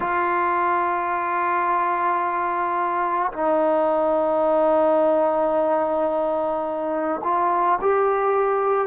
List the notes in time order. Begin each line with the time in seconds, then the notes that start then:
0.00 F4
3.32 D#4
7.23 F4
7.81 G4